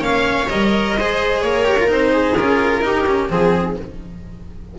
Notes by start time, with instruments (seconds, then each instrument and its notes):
0.00 double bass A#3, cello C#4, viola C#5, violin F5
0.49 double bass G3, cello A#4, violin D#5
0.98 double bass G#3, cello G#4, viola C5
1.41 double bass A#3, viola A#4, violin C#5
1.65 cello G4
1.80 cello F4
1.88 double bass C4, cello D#4, violin C5
2.12 viola G#4
2.37 double bass C#4, cello F4, violin A#4
2.82 cello D#4, double bass D#4, viola G4
3.07 cello C#4
3.29 double bass F3, cello C4, violin G#4, viola G#4